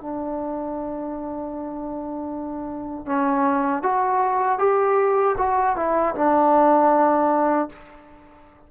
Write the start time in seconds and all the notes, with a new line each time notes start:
0.00 D4
3.06 C#4
3.82 F#4
4.58 G4
5.37 F#4
5.76 E4
6.15 D4